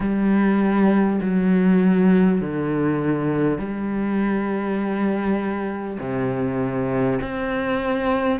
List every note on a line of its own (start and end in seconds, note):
0.00 1.20 G3
1.21 2.41 F#3
2.41 3.58 D3
3.58 5.98 G3
5.99 7.19 C3
7.21 8.39 C4